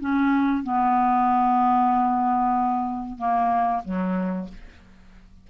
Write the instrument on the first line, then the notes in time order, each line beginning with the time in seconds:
clarinet
0.00 C#4
0.63 B3
3.18 A#3
3.85 F#3